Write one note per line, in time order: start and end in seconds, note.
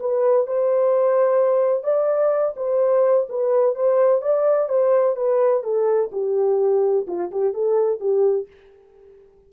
0.00 0.47 B4
0.47 1.84 C5
1.84 2.55 D5
2.57 3.28 C5
3.30 3.76 B4
3.76 4.22 C5
4.22 4.69 D5
4.69 5.16 C5
5.16 5.64 B4
5.64 6.11 A4
6.12 7.07 G4
7.08 7.31 F4
7.32 7.54 G4
7.54 8.00 A4
8.00 8.48 G4